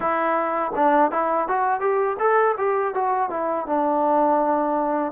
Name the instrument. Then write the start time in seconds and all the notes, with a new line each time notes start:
trombone
0.00 E4
0.75 D4
1.11 E4
1.48 F#4
1.80 G4
2.19 A4
2.57 G4
2.94 F#4
3.30 E4
3.66 D4